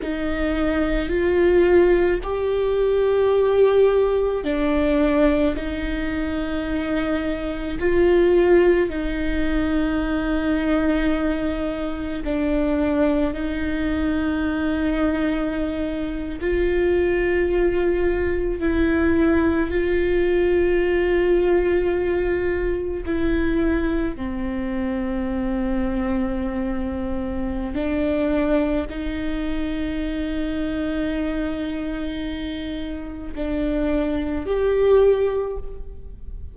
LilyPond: \new Staff \with { instrumentName = "viola" } { \time 4/4 \tempo 4 = 54 dis'4 f'4 g'2 | d'4 dis'2 f'4 | dis'2. d'4 | dis'2~ dis'8. f'4~ f'16~ |
f'8. e'4 f'2~ f'16~ | f'8. e'4 c'2~ c'16~ | c'4 d'4 dis'2~ | dis'2 d'4 g'4 | }